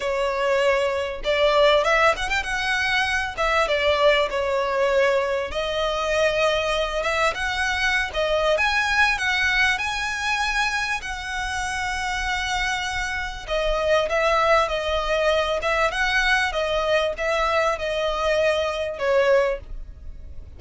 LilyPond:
\new Staff \with { instrumentName = "violin" } { \time 4/4 \tempo 4 = 98 cis''2 d''4 e''8 fis''16 g''16 | fis''4. e''8 d''4 cis''4~ | cis''4 dis''2~ dis''8 e''8 | fis''4~ fis''16 dis''8. gis''4 fis''4 |
gis''2 fis''2~ | fis''2 dis''4 e''4 | dis''4. e''8 fis''4 dis''4 | e''4 dis''2 cis''4 | }